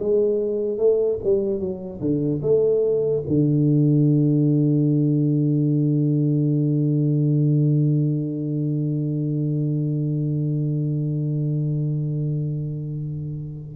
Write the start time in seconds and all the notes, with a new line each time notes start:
0.00 G#3
0.79 A3
1.24 G3
1.60 F#3
2.01 D3
2.43 A3
3.28 D3